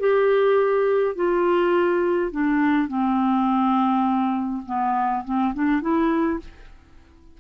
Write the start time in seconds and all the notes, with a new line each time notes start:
0.00 G4
1.16 F4
2.32 D4
2.88 C4
4.66 B3
5.25 C4
5.54 D4
5.81 E4